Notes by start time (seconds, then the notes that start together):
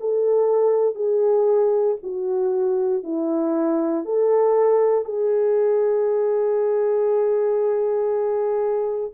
0.00 A4
0.95 G#4
2.02 F#4
3.03 E4
4.04 A4
5.04 G#4